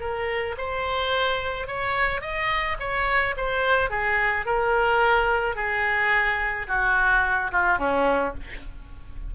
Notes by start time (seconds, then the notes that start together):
0.00 A#4
0.58 C5
1.67 C#5
2.21 D#5
2.80 C#5
3.37 C5
3.90 G#4
4.46 A#4
5.56 G#4
6.68 F#4
7.52 F4
7.78 C#4